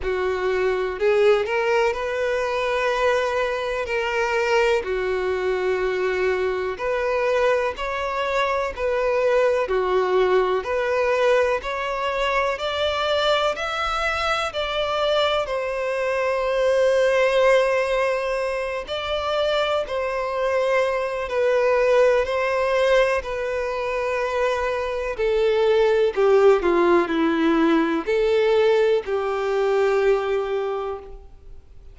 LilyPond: \new Staff \with { instrumentName = "violin" } { \time 4/4 \tempo 4 = 62 fis'4 gis'8 ais'8 b'2 | ais'4 fis'2 b'4 | cis''4 b'4 fis'4 b'4 | cis''4 d''4 e''4 d''4 |
c''2.~ c''8 d''8~ | d''8 c''4. b'4 c''4 | b'2 a'4 g'8 f'8 | e'4 a'4 g'2 | }